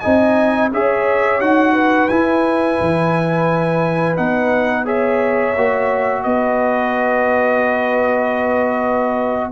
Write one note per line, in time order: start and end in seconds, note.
0.00 0.72 C4
0.00 0.72 D#4
0.00 0.70 D#5
0.00 0.69 G#5
0.72 1.41 C#4
0.72 1.41 G#4
0.72 1.74 C#5
0.72 1.41 E5
1.41 2.10 D#4
1.41 2.10 F#4
1.41 2.09 F#5
1.74 4.84 B4
2.09 2.79 E4
2.09 4.16 E4
2.09 4.16 G#5
2.81 4.18 E3
4.16 5.56 B3
4.16 4.85 D#4
4.16 4.86 F#5
4.84 5.54 G#4
4.84 6.22 C#5
4.84 6.23 E5
5.56 6.25 A#3
5.56 9.52 F#4
6.23 9.52 B3
6.23 9.52 B4
6.23 9.51 D#5